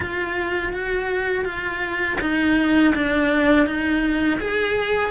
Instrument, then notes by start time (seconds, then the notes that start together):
cello
0.00 F4
0.72 F#4
1.44 F4
2.21 D#4
2.94 D4
3.66 D#4
4.40 G#4